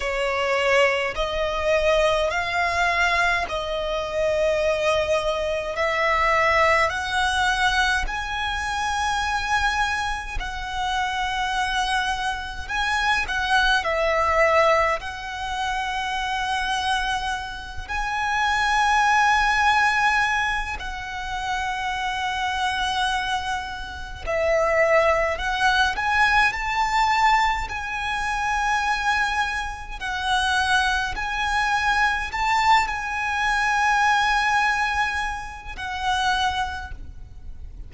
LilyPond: \new Staff \with { instrumentName = "violin" } { \time 4/4 \tempo 4 = 52 cis''4 dis''4 f''4 dis''4~ | dis''4 e''4 fis''4 gis''4~ | gis''4 fis''2 gis''8 fis''8 | e''4 fis''2~ fis''8 gis''8~ |
gis''2 fis''2~ | fis''4 e''4 fis''8 gis''8 a''4 | gis''2 fis''4 gis''4 | a''8 gis''2~ gis''8 fis''4 | }